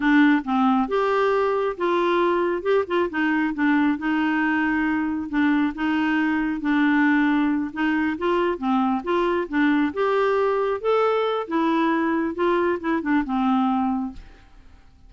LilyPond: \new Staff \with { instrumentName = "clarinet" } { \time 4/4 \tempo 4 = 136 d'4 c'4 g'2 | f'2 g'8 f'8 dis'4 | d'4 dis'2. | d'4 dis'2 d'4~ |
d'4. dis'4 f'4 c'8~ | c'8 f'4 d'4 g'4.~ | g'8 a'4. e'2 | f'4 e'8 d'8 c'2 | }